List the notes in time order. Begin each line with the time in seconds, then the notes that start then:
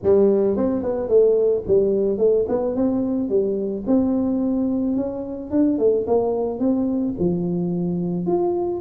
0.03 G3
0.57 C4
0.82 B3
1.08 A3
1.67 G3
2.17 A3
2.48 B3
2.75 C4
3.29 G3
3.86 C4
4.96 C#4
5.50 D4
5.78 A3
6.06 A#3
6.59 C4
7.19 F3
8.26 F4